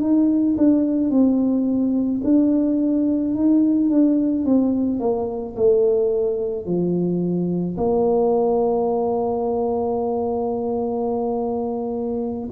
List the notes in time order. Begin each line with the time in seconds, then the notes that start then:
0.00 D#4
0.57 D4
1.10 C4
2.24 D4
3.34 D#4
3.89 D4
4.45 C4
4.99 A#3
5.56 A3
6.65 F3
7.77 A#3